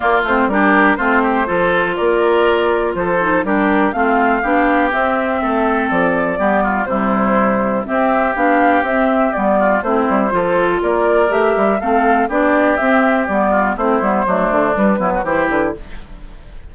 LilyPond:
<<
  \new Staff \with { instrumentName = "flute" } { \time 4/4 \tempo 4 = 122 d''8 c''8 ais'4 c''2 | d''2 c''4 ais'4 | f''2 e''2 | d''2 c''2 |
e''4 f''4 e''4 d''4 | c''2 d''4 e''4 | f''4 d''4 e''4 d''4 | c''2 b'4 c''8 b'8 | }
  \new Staff \with { instrumentName = "oboe" } { \time 4/4 f'4 g'4 f'8 g'8 a'4 | ais'2 a'4 g'4 | f'4 g'2 a'4~ | a'4 g'8 f'8 e'2 |
g'2.~ g'8 f'8 | e'4 a'4 ais'2 | a'4 g'2~ g'8 f'8 | e'4 d'4. e'16 fis'16 g'4 | }
  \new Staff \with { instrumentName = "clarinet" } { \time 4/4 ais8 c'8 d'4 c'4 f'4~ | f'2~ f'8 dis'8 d'4 | c'4 d'4 c'2~ | c'4 b4 g2 |
c'4 d'4 c'4 b4 | c'4 f'2 g'4 | c'4 d'4 c'4 b4 | c'8 b8 a4 g8 b8 e'4 | }
  \new Staff \with { instrumentName = "bassoon" } { \time 4/4 ais8 a8 g4 a4 f4 | ais2 f4 g4 | a4 b4 c'4 a4 | f4 g4 c2 |
c'4 b4 c'4 g4 | a8 g8 f4 ais4 a8 g8 | a4 b4 c'4 g4 | a8 g8 fis8 d8 g8 fis8 e8 d8 | }
>>